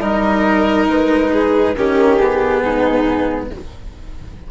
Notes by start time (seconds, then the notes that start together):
0.00 G3 D#4 A#4 D#5
0.89 G#3 B4
1.33 G#4
1.75 D#3 C#4 G4 A#4
2.16 B3 G#4
2.62 G#2 D#4